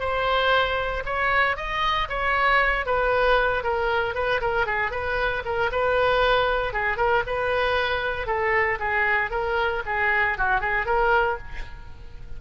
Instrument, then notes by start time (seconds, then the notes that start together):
oboe
0.00 C5
1.06 C#5
1.57 D#5
2.09 C#5
2.86 B4
3.64 A#4
4.15 B4
4.41 A#4
4.66 G#4
4.91 B4
5.45 A#4
5.72 B4
6.73 G#4
6.97 A#4
7.27 B4
8.27 A4
8.80 G#4
9.31 A#4
9.86 G#4
10.38 F#4
10.61 G#4
10.86 A#4